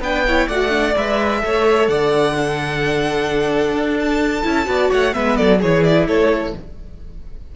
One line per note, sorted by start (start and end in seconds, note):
0.00 0.47 B3
0.00 0.27 D4
0.00 0.24 B4
0.00 0.48 G5
0.27 0.51 E4
0.27 0.48 C#5
0.48 0.96 A3
0.48 0.70 F#4
0.48 1.41 D5
0.48 0.95 F#5
0.70 0.93 D4
0.97 1.43 G#3
0.97 1.40 B4
0.97 1.88 E5
1.40 1.89 A3
1.40 2.33 A4
1.40 1.90 C#5
1.88 3.73 D3
1.88 2.36 D5
1.88 3.97 F#5
2.34 4.43 D4
2.34 4.69 A4
3.73 4.42 D4
4.00 4.91 A5
4.43 4.67 C#4
4.43 4.65 E4
4.65 4.91 B3
4.65 5.12 F#4
4.65 4.92 D5
4.91 5.16 A3
4.91 5.15 C#5
4.91 5.14 F#5
5.13 5.40 G#3
5.13 5.60 B3
5.13 5.38 B4
5.13 5.37 E5
5.37 5.63 F#3
5.37 5.60 A4
5.37 5.60 D5
5.60 6.07 E3
5.60 6.56 E4
5.60 6.06 G#4
5.60 5.84 C#5
5.84 6.07 D5
6.07 6.54 A3
6.07 6.54 A4
6.07 6.54 C#5